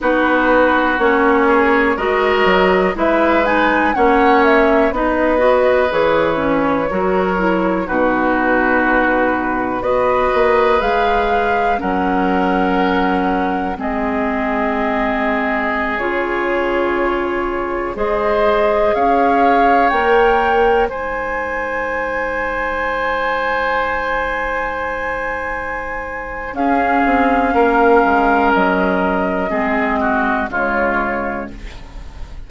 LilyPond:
<<
  \new Staff \with { instrumentName = "flute" } { \time 4/4 \tempo 4 = 61 b'4 cis''4 dis''4 e''8 gis''8 | fis''8 e''8 dis''4 cis''2 | b'2 dis''4 f''4 | fis''2 dis''2~ |
dis''16 cis''2 dis''4 f''8.~ | f''16 g''4 gis''2~ gis''8.~ | gis''2. f''4~ | f''4 dis''2 cis''4 | }
  \new Staff \with { instrumentName = "oboe" } { \time 4/4 fis'4. gis'8 ais'4 b'4 | cis''4 b'2 ais'4 | fis'2 b'2 | ais'2 gis'2~ |
gis'2~ gis'16 c''4 cis''8.~ | cis''4~ cis''16 c''2~ c''8.~ | c''2. gis'4 | ais'2 gis'8 fis'8 f'4 | }
  \new Staff \with { instrumentName = "clarinet" } { \time 4/4 dis'4 cis'4 fis'4 e'8 dis'8 | cis'4 dis'8 fis'8 gis'8 cis'8 fis'8 e'8 | dis'2 fis'4 gis'4 | cis'2 c'2~ |
c'16 f'2 gis'4.~ gis'16~ | gis'16 ais'4 dis'2~ dis'8.~ | dis'2. cis'4~ | cis'2 c'4 gis4 | }
  \new Staff \with { instrumentName = "bassoon" } { \time 4/4 b4 ais4 gis8 fis8 gis4 | ais4 b4 e4 fis4 | b,2 b8 ais8 gis4 | fis2 gis2~ |
gis16 cis2 gis4 cis'8.~ | cis'16 ais4 gis2~ gis8.~ | gis2. cis'8 c'8 | ais8 gis8 fis4 gis4 cis4 | }
>>